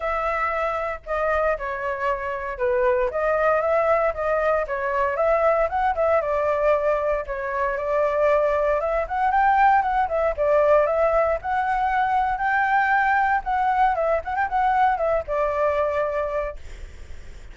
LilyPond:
\new Staff \with { instrumentName = "flute" } { \time 4/4 \tempo 4 = 116 e''2 dis''4 cis''4~ | cis''4 b'4 dis''4 e''4 | dis''4 cis''4 e''4 fis''8 e''8 | d''2 cis''4 d''4~ |
d''4 e''8 fis''8 g''4 fis''8 e''8 | d''4 e''4 fis''2 | g''2 fis''4 e''8 fis''16 g''16 | fis''4 e''8 d''2~ d''8 | }